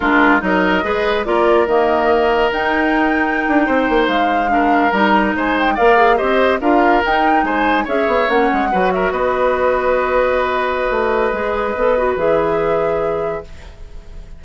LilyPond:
<<
  \new Staff \with { instrumentName = "flute" } { \time 4/4 \tempo 4 = 143 ais'4 dis''2 d''4 | dis''2 g''2~ | g''4.~ g''16 f''2 ais''16~ | ais''8. gis''8 g''8 f''4 dis''4 f''16~ |
f''8. g''4 gis''4 e''4 fis''16~ | fis''4~ fis''16 e''8 dis''2~ dis''16~ | dis''1~ | dis''4 e''2. | }
  \new Staff \with { instrumentName = "oboe" } { \time 4/4 f'4 ais'4 b'4 ais'4~ | ais'1~ | ais'8. c''2 ais'4~ ais'16~ | ais'8. c''4 d''4 c''4 ais'16~ |
ais'4.~ ais'16 c''4 cis''4~ cis''16~ | cis''8. b'8 ais'8 b'2~ b'16~ | b'1~ | b'1 | }
  \new Staff \with { instrumentName = "clarinet" } { \time 4/4 d'4 dis'4 gis'4 f'4 | ais2 dis'2~ | dis'2~ dis'8. d'4 dis'16~ | dis'4.~ dis'16 ais'8 gis'8 g'4 f'16~ |
f'8. dis'2 gis'4 cis'16~ | cis'8. fis'2.~ fis'16~ | fis'2. gis'4 | a'8 fis'8 gis'2. | }
  \new Staff \with { instrumentName = "bassoon" } { \time 4/4 gis4 fis4 gis4 ais4 | dis2 dis'2~ | dis'16 d'8 c'8 ais8 gis2 g16~ | g8. gis4 ais4 c'4 d'16~ |
d'8. dis'4 gis4 cis'8 b8 ais16~ | ais16 gis8 fis4 b2~ b16~ | b2 a4 gis4 | b4 e2. | }
>>